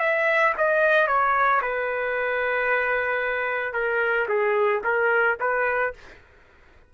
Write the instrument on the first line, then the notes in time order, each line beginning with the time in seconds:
trumpet
0.00 E5
0.58 D#5
1.08 C#5
1.62 B4
3.74 A#4
4.29 G#4
4.84 A#4
5.41 B4